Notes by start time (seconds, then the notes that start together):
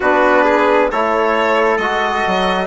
0.00 B3 D4 F#4 B4
0.43 G#4
0.90 A3 E4 A4 C#5
1.77 G#3 F#4 D#5
2.27 F#3